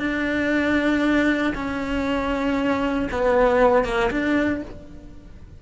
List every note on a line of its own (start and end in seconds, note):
0.00 1.54 D4
1.55 3.09 C#4
3.12 3.85 B3
3.85 4.11 A#3
4.11 4.62 D4